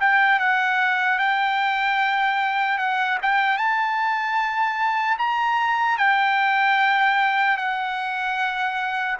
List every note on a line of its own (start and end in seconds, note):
0.00 0.39 G5
0.39 1.18 F#5
1.18 2.78 G5
2.78 3.18 F#5
3.22 3.57 G5
3.57 5.17 A5
5.18 5.98 A#5
5.98 7.57 G5
7.57 9.17 F#5